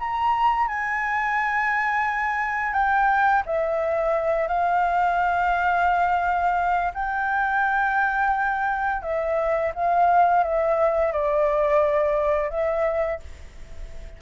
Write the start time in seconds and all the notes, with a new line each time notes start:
0.00 A#5
0.68 G#5
2.73 G5
3.46 E5
4.48 F5
6.94 G5
9.03 E5
9.75 F5
10.44 E5
11.13 D5
12.50 E5